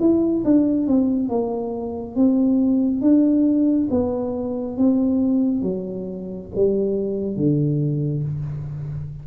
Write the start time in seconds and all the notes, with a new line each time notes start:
0.00 E4
0.45 D4
0.88 C4
1.29 A#3
2.16 C4
3.02 D4
3.91 B3
4.77 C4
5.62 F#3
6.55 G3
7.37 D3